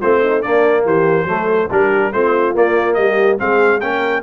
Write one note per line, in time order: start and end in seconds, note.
0.00 0.45 A3
0.00 0.44 C4
0.00 0.21 F4
0.00 0.42 C5
0.22 0.42 D#4
0.42 1.27 A#3
0.42 0.85 A#3
0.42 0.85 D4
0.42 0.84 D5
0.85 1.24 E3
0.85 1.27 G4
0.85 1.71 C5
1.24 1.67 F#3
1.24 1.69 A3
1.24 1.71 A4
1.71 2.13 G3
1.71 2.13 D4
1.71 2.14 G4
1.71 2.12 A#4
2.12 2.55 A3
2.12 2.54 C4
2.12 2.98 F4
2.12 2.55 C5
2.54 3.38 A#3
2.54 2.97 A#3
2.54 2.94 D5
2.94 3.39 G3
2.94 3.41 G4
2.94 3.36 D#5
3.38 3.82 G#3
3.38 3.80 C4
3.38 3.81 G#4
3.38 3.80 F5
3.80 4.23 A#3
3.80 4.23 C#4
3.80 4.23 A#4
3.80 4.23 G5